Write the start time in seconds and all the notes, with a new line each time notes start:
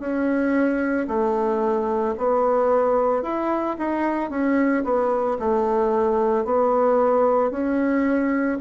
0.00 C#4
1.08 A3
2.18 B3
3.23 E4
3.79 D#4
4.31 C#4
4.84 B3
5.40 A3
6.45 B3
7.51 C#4